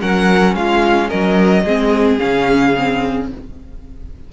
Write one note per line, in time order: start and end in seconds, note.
0.00 0.55 F#3
0.00 1.64 C#4
0.00 0.55 A#4
0.00 0.55 F#5
0.55 1.10 G#3
0.55 1.09 F4
0.55 1.10 F5
1.09 1.65 F#3
1.09 1.63 A#4
1.09 2.19 D#5
1.64 2.19 G#3
1.64 2.19 C4
1.64 3.28 G#4
2.19 3.32 C#3
2.19 2.74 C#4
2.19 3.28 F5
2.78 3.33 C4